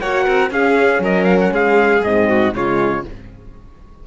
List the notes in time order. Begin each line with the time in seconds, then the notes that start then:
0.00 A#3 F#4 C#5 F#5
0.24 C4 A#4
0.50 C#4 G#4 F5
0.99 F#3 A#4 D#5
1.24 F5
1.40 F#5
1.51 G#3 G#4 F5
2.02 G#2 C4 D#5
2.28 F#4
2.53 C#3 G#3 F4 C#5